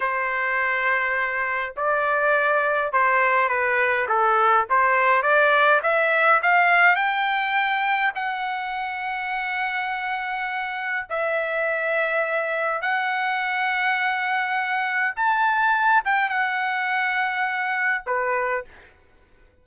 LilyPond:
\new Staff \with { instrumentName = "trumpet" } { \time 4/4 \tempo 4 = 103 c''2. d''4~ | d''4 c''4 b'4 a'4 | c''4 d''4 e''4 f''4 | g''2 fis''2~ |
fis''2. e''4~ | e''2 fis''2~ | fis''2 a''4. g''8 | fis''2. b'4 | }